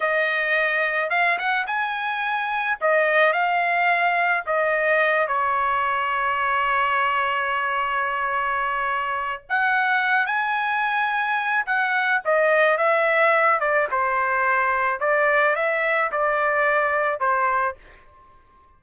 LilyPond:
\new Staff \with { instrumentName = "trumpet" } { \time 4/4 \tempo 4 = 108 dis''2 f''8 fis''8 gis''4~ | gis''4 dis''4 f''2 | dis''4. cis''2~ cis''8~ | cis''1~ |
cis''4 fis''4. gis''4.~ | gis''4 fis''4 dis''4 e''4~ | e''8 d''8 c''2 d''4 | e''4 d''2 c''4 | }